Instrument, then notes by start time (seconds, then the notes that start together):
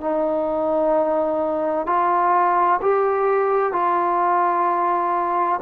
trombone
0.00 D#4
1.86 F4
2.81 G4
3.72 F4